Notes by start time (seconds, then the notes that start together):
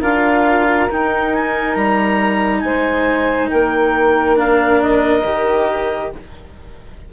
0.00 D4 F4 A#4 F5
0.90 D#4 G5
1.34 G#5
1.75 G3 A#5
2.61 G#3 C5 G#5
3.50 A#3 A#4 G5
4.36 D4 F5
4.82 D#5
5.24 D#3 G4